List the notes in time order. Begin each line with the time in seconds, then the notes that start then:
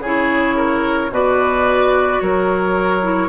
0.00 C#3 E4 G#4 C#5
0.56 A#4
1.10 B2 F#4 B4 D5
2.21 F#3 A#4 C#5
3.02 E4